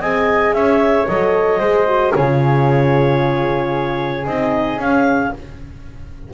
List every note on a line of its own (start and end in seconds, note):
0.00 0.53 C4
0.00 1.09 G#4
0.00 0.54 D#5
0.00 0.53 G#5
0.53 1.06 C#4
0.53 1.59 C#5
0.53 1.06 E5
1.07 1.60 F#3
1.07 1.62 A4
1.07 2.13 D#5
1.59 2.13 G#3
1.59 1.87 G#4
1.59 2.12 C5
1.87 2.14 F#4
2.14 4.27 C#3
2.14 4.26 F4
2.14 5.33 G#4
2.14 4.27 C#5
4.27 4.77 C4
4.27 4.80 D#4
4.27 4.80 D#5
4.77 5.31 C#4
4.77 5.33 C#4
4.77 5.33 F5